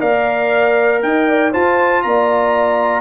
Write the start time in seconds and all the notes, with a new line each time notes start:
0.00 A#3 A#4 D5 F5
1.02 D#4 D#5 G5
1.29 D5
1.52 F4 C5 A5
2.02 A#3 D5 A#5